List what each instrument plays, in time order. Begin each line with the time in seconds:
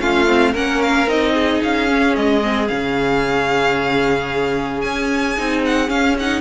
0.00 cello A3, viola C#4, violin F4 F5
0.27 viola C4
0.52 cello A#3, viola C#4, violin A#4 F#5
0.82 violin F5
1.07 cello C4, viola D#4, violin D#5
1.34 violin G#4
1.63 cello C#4, violin F5
1.88 viola C#4
2.16 cello G#3, violin D#5
2.43 viola C4
2.68 cello C#3, viola C#4, violin F5
4.81 cello C#4, violin G#5
5.38 cello C4, viola D#4
5.65 violin F#5
5.88 viola C#4, cello C#4, violin F5
6.19 viola D#4, violin F#5